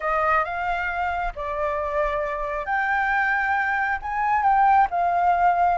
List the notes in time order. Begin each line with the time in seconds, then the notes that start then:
0.00 D#5
0.44 F5
1.35 D5
2.65 G5
4.02 G#5
4.42 G5
4.90 F5